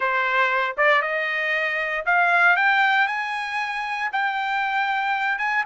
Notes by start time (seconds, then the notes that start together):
0.00 C5
0.77 D5
1.02 D#5
2.05 F5
2.56 G5
3.07 G#5
4.12 G5
5.38 G#5